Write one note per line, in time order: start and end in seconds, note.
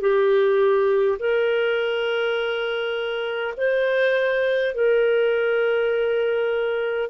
0.00 1.18 G4
1.19 3.54 A#4
3.57 4.74 C5
4.74 7.10 A#4